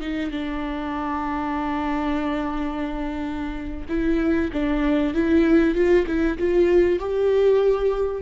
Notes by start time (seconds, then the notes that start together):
0.00 D#4
0.30 D4
3.89 E4
4.52 D4
5.14 E4
5.74 F4
6.06 E4
6.38 F4
6.99 G4